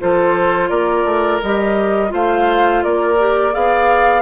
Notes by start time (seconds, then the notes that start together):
0.00 F3 F4 A4 C5
0.70 A#3 A#4 D5
1.04 A3
1.42 G3 G4 D#5
2.09 A3 F4 C5 F5
2.84 A#3 A#4 D5
3.19 G4
3.53 B3 G#4 D5 F5